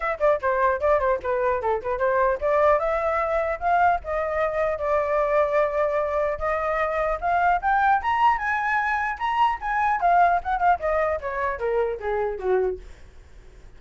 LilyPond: \new Staff \with { instrumentName = "flute" } { \time 4/4 \tempo 4 = 150 e''8 d''8 c''4 d''8 c''8 b'4 | a'8 b'8 c''4 d''4 e''4~ | e''4 f''4 dis''2 | d''1 |
dis''2 f''4 g''4 | ais''4 gis''2 ais''4 | gis''4 f''4 fis''8 f''8 dis''4 | cis''4 ais'4 gis'4 fis'4 | }